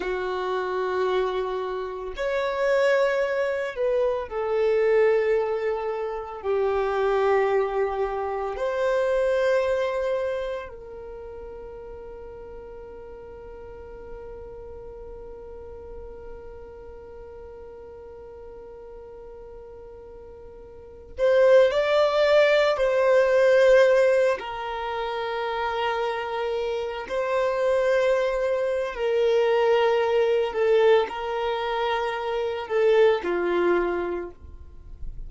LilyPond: \new Staff \with { instrumentName = "violin" } { \time 4/4 \tempo 4 = 56 fis'2 cis''4. b'8 | a'2 g'2 | c''2 ais'2~ | ais'1~ |
ais'2.~ ais'8. c''16~ | c''16 d''4 c''4. ais'4~ ais'16~ | ais'4~ ais'16 c''4.~ c''16 ais'4~ | ais'8 a'8 ais'4. a'8 f'4 | }